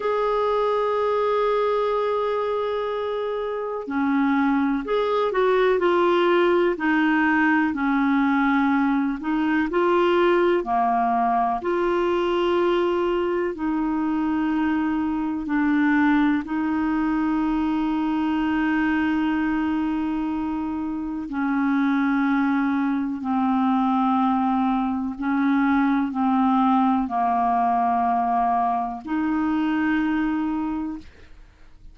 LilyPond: \new Staff \with { instrumentName = "clarinet" } { \time 4/4 \tempo 4 = 62 gis'1 | cis'4 gis'8 fis'8 f'4 dis'4 | cis'4. dis'8 f'4 ais4 | f'2 dis'2 |
d'4 dis'2.~ | dis'2 cis'2 | c'2 cis'4 c'4 | ais2 dis'2 | }